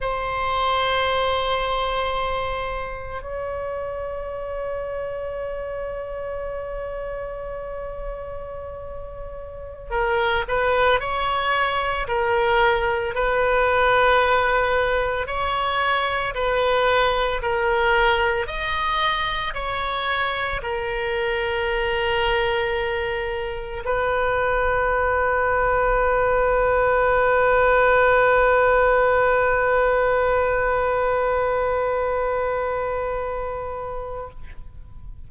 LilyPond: \new Staff \with { instrumentName = "oboe" } { \time 4/4 \tempo 4 = 56 c''2. cis''4~ | cis''1~ | cis''4~ cis''16 ais'8 b'8 cis''4 ais'8.~ | ais'16 b'2 cis''4 b'8.~ |
b'16 ais'4 dis''4 cis''4 ais'8.~ | ais'2~ ais'16 b'4.~ b'16~ | b'1~ | b'1 | }